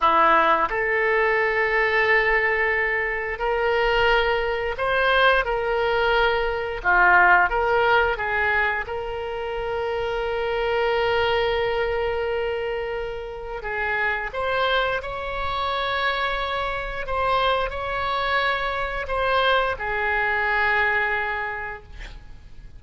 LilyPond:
\new Staff \with { instrumentName = "oboe" } { \time 4/4 \tempo 4 = 88 e'4 a'2.~ | a'4 ais'2 c''4 | ais'2 f'4 ais'4 | gis'4 ais'2.~ |
ais'1 | gis'4 c''4 cis''2~ | cis''4 c''4 cis''2 | c''4 gis'2. | }